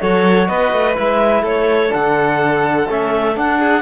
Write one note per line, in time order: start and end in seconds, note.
0.00 0.49 F#3
0.00 0.94 F#4
0.00 0.47 A4
0.00 0.48 C#5
0.47 0.72 B3
0.47 1.42 B4
0.47 0.96 D#5
0.72 0.96 A3
0.94 1.43 G#3
0.94 1.88 E4
0.94 1.45 E5
1.42 1.91 A3
1.42 3.58 A4
1.42 1.93 C#5
1.88 2.84 D4
1.88 2.89 F#5
1.95 2.89 D3
2.89 3.37 A3
2.89 3.35 C#4
2.89 3.37 E5
3.35 3.82 D4
3.35 3.82 F#5
3.58 3.82 G#4